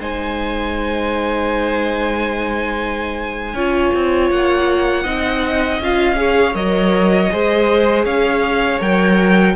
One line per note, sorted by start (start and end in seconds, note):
0.00 3.54 G#3
0.00 3.56 D#4
0.00 3.55 C5
0.00 4.31 G#5
3.54 3.91 C#4
3.54 5.05 F4
3.54 5.04 C#5
3.95 4.31 C4
4.31 5.05 A#3
4.31 5.81 F#5
5.04 5.80 C4
5.04 5.80 D#4
5.04 6.16 D#5
5.80 6.55 C#4
5.80 6.16 F4
5.80 6.55 F5
6.16 6.53 G#4
6.16 7.33 C#5
6.54 7.30 F#3
6.54 7.29 A#4
6.54 8.05 D#5
7.32 8.05 G#3
7.32 8.80 G#4
7.32 8.05 C5
8.05 8.80 C#4
8.05 9.55 C#5
8.05 8.80 F5
8.80 9.55 F#3
8.80 9.55 A#4
8.80 9.56 G5